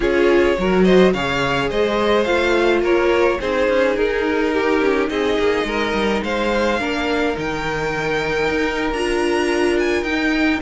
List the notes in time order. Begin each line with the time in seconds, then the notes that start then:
0.00 C#4 F4 G#4 C#5
0.57 F#3 F#4 A#4
0.83 C5 D#5
1.13 C#3 G#4 C#5 F5
1.69 G#3 C5 D#5
2.24 A3 F4 F5
2.82 A#3 A#4 C#5
3.40 C4 D#4 G#4 C5
3.69 C#4
3.96 D#4 A#4
4.53 G4
4.80 C#4
5.09 C4 G#4 D#5
5.38 A#3
5.64 G#3 A#4
5.93 G3
6.23 G#3 C5 F5
6.79 A#3 D4 A#4
7.35 D#3 D#4 G5
8.49 D#4
8.92 D4 F4 A#5
9.78 G#5
10.02 D#4 G5